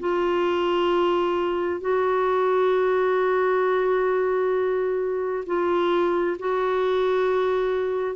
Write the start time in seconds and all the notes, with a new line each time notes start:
0.00 F4
1.81 F#4
5.46 F4
6.39 F#4